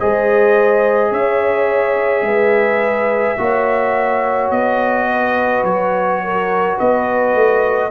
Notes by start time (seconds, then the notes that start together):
0.00 G#3 G#4 C5 D#5
1.12 C#4 C#5 E5
2.22 G#3 B4
3.38 A#3 F#4 C#5
4.51 B3 D#5
5.11 B4
5.64 F#3 C#5
6.24 A#4
6.76 B3 B4 D#5
7.34 A3